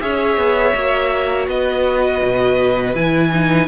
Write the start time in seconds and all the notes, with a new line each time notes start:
0.00 C#4 G#4 C#5 E5
0.37 B3
0.75 A#3 F#4
1.47 B3 B4 D#5
2.23 B2
2.95 E3 E4 G#5
3.32 D#4